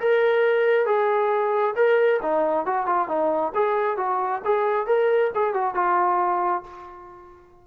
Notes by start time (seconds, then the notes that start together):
0.00 A#4
0.86 G#4
1.76 A#4
2.22 D#4
2.66 F#4
2.86 F4
3.08 D#4
3.55 G#4
3.97 F#4
4.45 G#4
4.87 A#4
5.35 G#4
5.54 F#4
5.75 F4